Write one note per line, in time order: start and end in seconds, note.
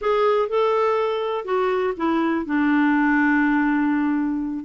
0.01 0.49 G#4
0.49 1.45 A4
1.45 1.93 F#4
1.96 2.45 E4
2.45 4.64 D4